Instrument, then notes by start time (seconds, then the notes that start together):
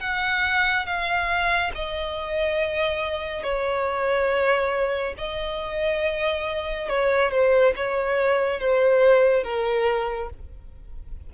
violin
0.00 F#5
0.86 F5
1.74 D#5
3.43 C#5
5.17 D#5
6.88 C#5
7.31 C5
7.76 C#5
8.59 C5
9.43 A#4